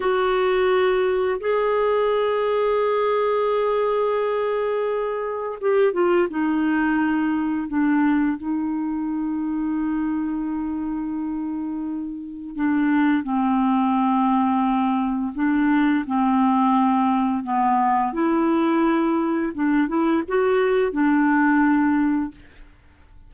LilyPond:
\new Staff \with { instrumentName = "clarinet" } { \time 4/4 \tempo 4 = 86 fis'2 gis'2~ | gis'1 | g'8 f'8 dis'2 d'4 | dis'1~ |
dis'2 d'4 c'4~ | c'2 d'4 c'4~ | c'4 b4 e'2 | d'8 e'8 fis'4 d'2 | }